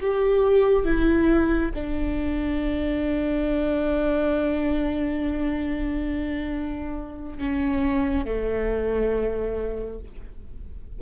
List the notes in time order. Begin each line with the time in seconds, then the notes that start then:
0.00 G4
0.85 E4
1.74 D4
7.38 C#4
8.25 A3